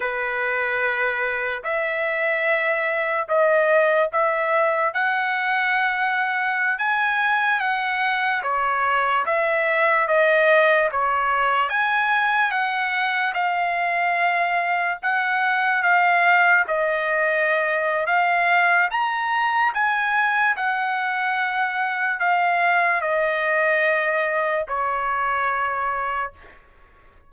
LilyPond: \new Staff \with { instrumentName = "trumpet" } { \time 4/4 \tempo 4 = 73 b'2 e''2 | dis''4 e''4 fis''2~ | fis''16 gis''4 fis''4 cis''4 e''8.~ | e''16 dis''4 cis''4 gis''4 fis''8.~ |
fis''16 f''2 fis''4 f''8.~ | f''16 dis''4.~ dis''16 f''4 ais''4 | gis''4 fis''2 f''4 | dis''2 cis''2 | }